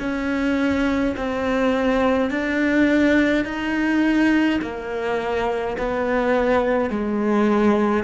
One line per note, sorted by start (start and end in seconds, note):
0.00 1.15 C#4
1.17 2.31 C4
2.31 3.45 D4
3.45 4.60 D#4
4.62 5.77 A#3
5.78 6.90 B3
6.90 8.04 G#3